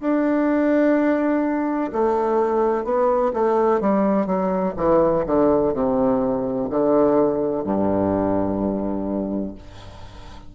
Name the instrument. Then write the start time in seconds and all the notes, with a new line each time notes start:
bassoon
0.00 D4
1.92 A3
2.84 B3
3.33 A3
3.81 G3
4.26 F#3
4.77 E3
5.26 D3
5.73 C3
6.70 D3
7.64 G2